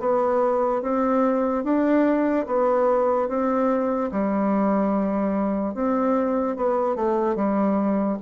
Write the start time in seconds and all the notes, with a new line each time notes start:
0.00 B3
0.82 C4
1.64 D4
2.47 B3
3.28 C4
4.12 G3
5.75 C4
6.57 B3
6.96 A3
7.36 G3